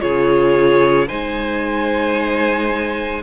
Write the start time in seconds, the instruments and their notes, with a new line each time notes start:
0.00 cello C#3, viola F4, violin G#4 C#5
1.08 cello G#3, viola D#4, violin C5 G#5